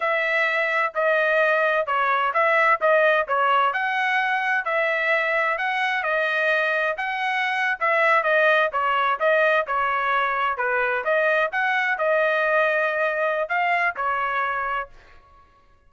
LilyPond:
\new Staff \with { instrumentName = "trumpet" } { \time 4/4 \tempo 4 = 129 e''2 dis''2 | cis''4 e''4 dis''4 cis''4 | fis''2 e''2 | fis''4 dis''2 fis''4~ |
fis''8. e''4 dis''4 cis''4 dis''16~ | dis''8. cis''2 b'4 dis''16~ | dis''8. fis''4 dis''2~ dis''16~ | dis''4 f''4 cis''2 | }